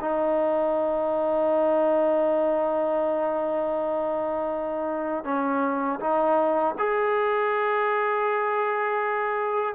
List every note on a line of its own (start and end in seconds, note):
0.00 5.24 D#4
5.24 5.99 C#4
6.00 6.75 D#4
6.78 9.75 G#4